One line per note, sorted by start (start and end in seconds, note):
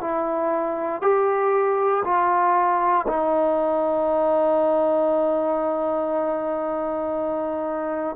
0.00 1.02 E4
1.02 2.03 G4
2.04 3.06 F4
3.07 8.16 D#4